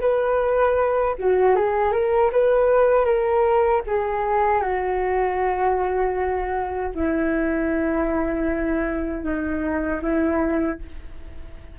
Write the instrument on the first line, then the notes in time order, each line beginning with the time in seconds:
flute
0.00 B4
1.18 F#4
1.55 G#4
1.92 A#4
2.32 B4
3.05 A#4
3.87 G#4
4.62 F#4
6.94 E4
9.23 D#4
10.02 E4